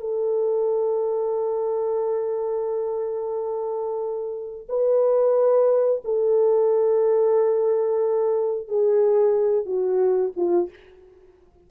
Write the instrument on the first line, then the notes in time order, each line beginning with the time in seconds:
horn
0.00 A4
4.69 B4
6.04 A4
8.68 G#4
9.66 F#4
10.36 F4